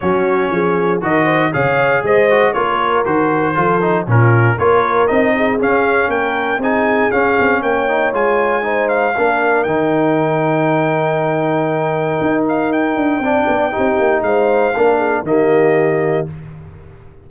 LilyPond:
<<
  \new Staff \with { instrumentName = "trumpet" } { \time 4/4 \tempo 4 = 118 cis''2 dis''4 f''4 | dis''4 cis''4 c''2 | ais'4 cis''4 dis''4 f''4 | g''4 gis''4 f''4 g''4 |
gis''4. f''4. g''4~ | g''1~ | g''8 f''8 g''2. | f''2 dis''2 | }
  \new Staff \with { instrumentName = "horn" } { \time 4/4 fis'4 gis'4 ais'8 c''8 cis''4 | c''4 ais'2 a'4 | f'4 ais'4. gis'4. | ais'4 gis'2 cis''4~ |
cis''4 c''4 ais'2~ | ais'1~ | ais'2 d''4 g'4 | c''4 ais'8 gis'8 g'2 | }
  \new Staff \with { instrumentName = "trombone" } { \time 4/4 cis'2 fis'4 gis'4~ | gis'8 fis'8 f'4 fis'4 f'8 dis'8 | cis'4 f'4 dis'4 cis'4~ | cis'4 dis'4 cis'4. dis'8 |
f'4 dis'4 d'4 dis'4~ | dis'1~ | dis'2 d'4 dis'4~ | dis'4 d'4 ais2 | }
  \new Staff \with { instrumentName = "tuba" } { \time 4/4 fis4 f4 dis4 cis4 | gis4 ais4 dis4 f4 | ais,4 ais4 c'4 cis'4 | ais4 c'4 cis'8 c'8 ais4 |
gis2 ais4 dis4~ | dis1 | dis'4. d'8 c'8 b8 c'8 ais8 | gis4 ais4 dis2 | }
>>